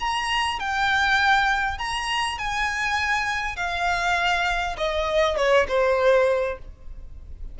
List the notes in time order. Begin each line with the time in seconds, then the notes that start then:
0.00 A#5
0.59 G5
1.78 A#5
2.38 G#5
3.56 F5
4.78 D#5
5.37 C#5
5.68 C5